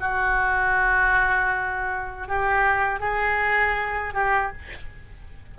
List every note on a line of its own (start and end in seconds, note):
0.00 2.28 F#4
2.28 3.00 G4
3.00 4.14 G#4
4.14 4.52 G4